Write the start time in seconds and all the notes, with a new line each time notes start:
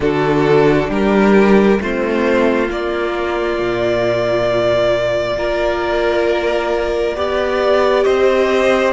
0.00 D3 D4 F#4 A4
0.89 G3 G4 A#4
1.79 A3 C4 F4 C5
2.67 A#3 D5
3.59 A#2
5.36 A#3 F4 A#4
7.15 B3 G4 D5
8.03 C4 C5 D#5